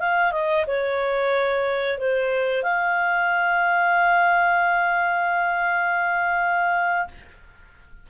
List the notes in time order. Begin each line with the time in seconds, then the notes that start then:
0.00 F5
0.32 D#5
0.67 C#5
1.99 C5
2.63 F5